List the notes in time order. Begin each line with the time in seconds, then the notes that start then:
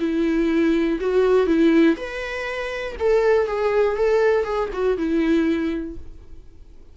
0.00 E4
1.00 F#4
1.47 E4
1.97 B4
3.00 A4
3.47 G#4
3.97 A4
4.44 G#4
4.73 F#4
4.97 E4